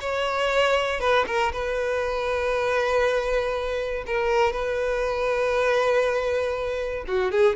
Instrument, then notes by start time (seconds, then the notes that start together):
violin
0.00 C#5
1.00 B4
1.27 A#4
1.52 B4
4.06 A#4
4.52 B4
7.07 F#4
7.31 G#4